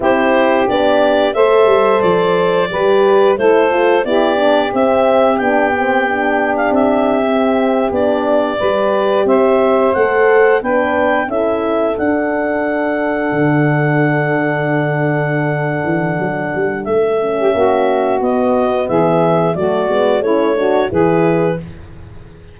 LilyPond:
<<
  \new Staff \with { instrumentName = "clarinet" } { \time 4/4 \tempo 4 = 89 c''4 d''4 e''4 d''4~ | d''4 c''4 d''4 e''4 | g''4.~ g''16 f''16 e''4.~ e''16 d''16~ | d''4.~ d''16 e''4 fis''4 g''16~ |
g''8. e''4 fis''2~ fis''16~ | fis''1~ | fis''4 e''2 dis''4 | e''4 d''4 cis''4 b'4 | }
  \new Staff \with { instrumentName = "saxophone" } { \time 4/4 g'2 c''2 | b'4 a'4 g'2~ | g'1~ | g'8. b'4 c''2 b'16~ |
b'8. a'2.~ a'16~ | a'1~ | a'4.~ a'16 g'16 fis'2 | gis'4 fis'4 e'8 fis'8 gis'4 | }
  \new Staff \with { instrumentName = "horn" } { \time 4/4 e'4 d'4 a'2 | g'4 e'8 f'8 e'8 d'8 c'4 | d'8 c'8 d'4.~ d'16 c'4 d'16~ | d'8. g'2 a'4 d'16~ |
d'8. e'4 d'2~ d'16~ | d'1~ | d'4. cis'4. b4~ | b4 a8 b8 cis'8 d'8 e'4 | }
  \new Staff \with { instrumentName = "tuba" } { \time 4/4 c'4 b4 a8 g8 f4 | g4 a4 b4 c'4 | b2 c'4.~ c'16 b16~ | b8. g4 c'4 a4 b16~ |
b8. cis'4 d'2 d16~ | d2.~ d8 e8 | fis8 g8 a4 ais4 b4 | e4 fis8 gis8 a4 e4 | }
>>